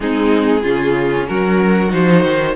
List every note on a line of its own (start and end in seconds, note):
0.00 0.63 G#3
0.00 0.63 C4
0.00 0.62 D#4
0.00 1.27 G#4
0.62 1.28 C#3
0.62 1.89 C#4
0.62 1.26 F4
1.27 1.92 F#3
1.27 2.55 F#4
1.27 1.91 A#4
1.89 2.24 F3
1.89 2.53 D#4
1.89 2.55 C5
2.24 2.55 D#3